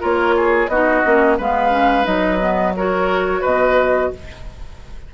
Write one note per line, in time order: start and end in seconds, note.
0.00 0.68 A#3
0.00 0.68 F4
0.00 0.35 A#4
0.00 0.68 C#5
0.37 0.71 G#4
0.68 1.02 B3
0.68 1.05 D#4
0.68 1.37 F#4
0.68 1.37 D#5
1.05 1.39 A#3
1.05 1.39 C#4
1.37 2.06 G#3
1.37 1.70 B3
1.37 2.74 B4
1.37 2.06 F5
1.70 2.04 C#4
2.04 3.43 F#3
2.04 2.38 D#4
2.04 2.74 D#5
2.40 2.74 B3
2.76 4.14 F#4
2.76 3.41 A#4
2.76 3.44 C#5
3.41 4.12 B2
3.41 4.09 B4
3.41 4.13 D#5